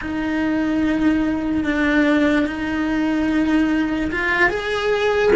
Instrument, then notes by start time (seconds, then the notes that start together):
cello
0.01 D#4
1.64 D4
2.46 D#4
4.11 F4
4.49 G#4